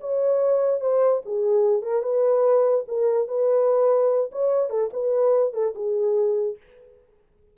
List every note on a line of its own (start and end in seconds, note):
0.00 0.80 C#5
0.80 1.21 C5
1.25 1.82 G#4
1.82 2.02 A#4
2.02 2.84 B4
2.87 3.27 A#4
3.27 4.30 B4
4.32 4.69 C#5
4.69 4.90 A4
4.93 5.53 B4
5.53 5.74 A4
5.75 6.57 G#4